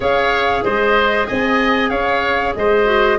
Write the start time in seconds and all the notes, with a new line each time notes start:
0.00 C#4 G#4 C#5 F5
0.63 G#3 C5 D#5
1.26 C4 D#5 G#5
1.89 C#4 C#5 F5
2.55 G#3 C5 D#5
2.85 F#4